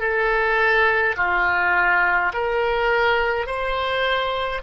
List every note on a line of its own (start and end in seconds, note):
0.00 1.15 A4
1.17 2.32 F4
2.33 3.47 A#4
3.47 4.62 C5